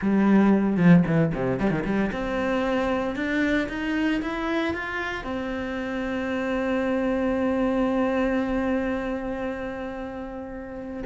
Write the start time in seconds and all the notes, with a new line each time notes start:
0.01 G3
0.76 F3
1.06 E3
1.34 C3
1.59 G3
1.70 D#3
1.84 G3
2.12 C4
3.15 D4
3.68 D#4
4.22 E4
4.73 F4
5.24 C4